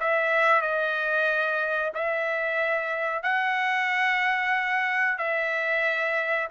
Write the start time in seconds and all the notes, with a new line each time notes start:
0.00 E5
0.62 D#5
1.94 E5
3.23 F#5
5.18 E5